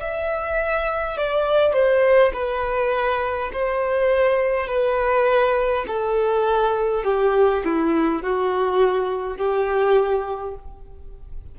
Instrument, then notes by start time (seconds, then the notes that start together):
violin
0.00 E5
1.17 D5
1.73 C5
2.33 B4
3.52 C5
4.67 B4
5.87 A4
7.04 G4
7.64 E4
8.22 F#4
9.36 G4